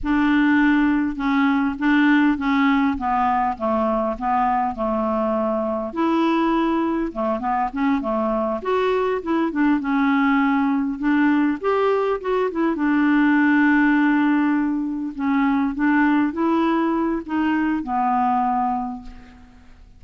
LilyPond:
\new Staff \with { instrumentName = "clarinet" } { \time 4/4 \tempo 4 = 101 d'2 cis'4 d'4 | cis'4 b4 a4 b4 | a2 e'2 | a8 b8 cis'8 a4 fis'4 e'8 |
d'8 cis'2 d'4 g'8~ | g'8 fis'8 e'8 d'2~ d'8~ | d'4. cis'4 d'4 e'8~ | e'4 dis'4 b2 | }